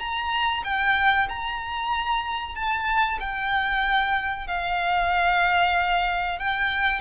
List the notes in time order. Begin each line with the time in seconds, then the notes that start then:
0.00 A#5
0.65 G5
1.29 A#5
2.56 A5
3.21 G5
4.48 F5
6.39 G5